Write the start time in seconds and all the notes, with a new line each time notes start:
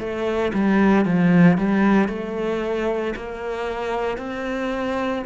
0.00 A3
0.54 G3
1.05 F3
1.58 G3
2.09 A3
3.16 A#3
4.18 C4